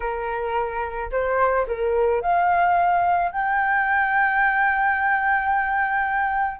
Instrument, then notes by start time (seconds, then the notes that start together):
flute
0.00 A#4
1.11 C5
1.67 A#4
2.21 F5
3.31 G5